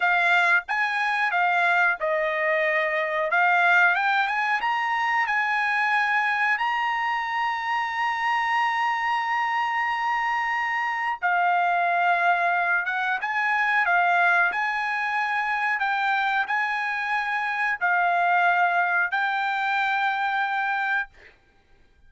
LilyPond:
\new Staff \with { instrumentName = "trumpet" } { \time 4/4 \tempo 4 = 91 f''4 gis''4 f''4 dis''4~ | dis''4 f''4 g''8 gis''8 ais''4 | gis''2 ais''2~ | ais''1~ |
ais''4 f''2~ f''8 fis''8 | gis''4 f''4 gis''2 | g''4 gis''2 f''4~ | f''4 g''2. | }